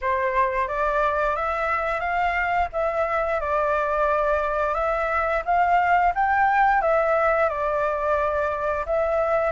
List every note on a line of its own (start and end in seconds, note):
0.01 0.68 C5
0.68 1.36 D5
1.36 2.00 E5
2.00 2.68 F5
2.72 3.40 E5
3.40 4.74 D5
4.74 5.42 E5
5.45 6.13 F5
6.14 6.81 G5
6.81 7.48 E5
7.48 8.85 D5
8.85 9.51 E5